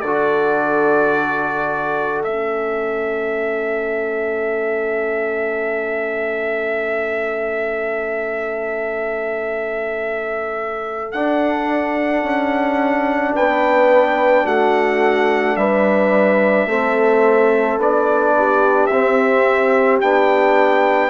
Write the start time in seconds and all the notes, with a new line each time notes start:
0.00 D3 A4 D5
0.06 F#4
2.23 A3 C#4 E5
11.12 D4 F#5
12.22 C#4
13.34 B3 B4 G5
14.44 A3 F#4 F#5
15.56 G3 B4 E5
16.65 A3 C4 A4
17.77 B3 D4 D5
18.37 G4
18.86 C4 E5
20.00 B3 D4 G5